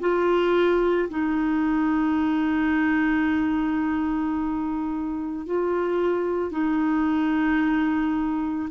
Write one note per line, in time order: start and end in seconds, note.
0.00 1.09 F4
1.10 5.46 D#4
5.46 6.51 F4
6.51 8.69 D#4